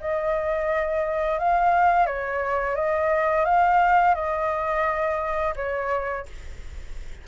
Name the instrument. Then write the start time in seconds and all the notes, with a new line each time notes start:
flute
0.00 D#5
1.39 F5
2.06 C#5
2.76 D#5
3.45 F5
4.15 D#5
5.56 C#5